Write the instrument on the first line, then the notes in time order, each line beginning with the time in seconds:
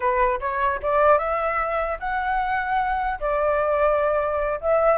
flute
0.00 B4
0.40 C#5
0.82 D5
1.18 E5
1.99 F#5
3.19 D5
4.60 E5